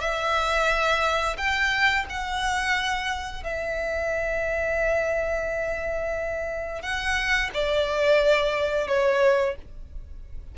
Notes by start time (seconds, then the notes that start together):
0.00 E5
1.37 G5
2.09 F#5
3.43 E5
6.82 F#5
7.54 D5
8.87 C#5